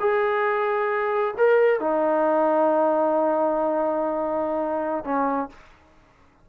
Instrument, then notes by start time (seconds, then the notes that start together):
trombone
0.00 G#4
1.38 A#4
1.80 D#4
5.05 C#4